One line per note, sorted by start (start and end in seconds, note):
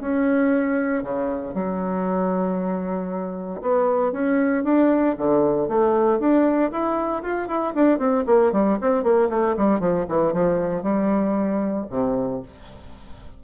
0.00 1.03 C#4
1.03 1.54 C#3
1.54 3.61 F#3
3.61 4.12 B3
4.12 4.64 C#4
4.64 5.16 D4
5.17 5.68 D3
5.68 6.19 A3
6.19 6.71 D4
6.71 7.22 E4
7.22 7.48 F4
7.48 7.74 E4
7.74 7.98 D4
7.98 8.24 C4
8.26 8.52 A#3
8.52 8.78 G3
8.81 9.03 C4
9.03 9.29 A#3
9.29 9.55 A3
9.57 9.79 G3
9.79 10.05 F3
10.09 10.33 E3
10.33 10.83 F3
10.83 11.86 G3
11.90 12.42 C3